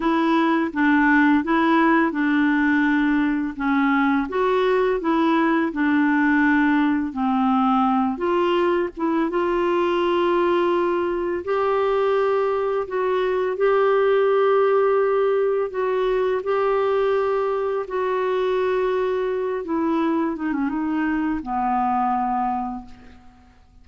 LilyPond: \new Staff \with { instrumentName = "clarinet" } { \time 4/4 \tempo 4 = 84 e'4 d'4 e'4 d'4~ | d'4 cis'4 fis'4 e'4 | d'2 c'4. f'8~ | f'8 e'8 f'2. |
g'2 fis'4 g'4~ | g'2 fis'4 g'4~ | g'4 fis'2~ fis'8 e'8~ | e'8 dis'16 cis'16 dis'4 b2 | }